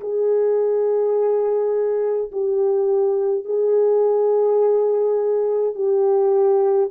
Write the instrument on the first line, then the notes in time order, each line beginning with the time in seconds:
horn
0.00 G#4
2.31 G4
3.45 G#4
5.74 G4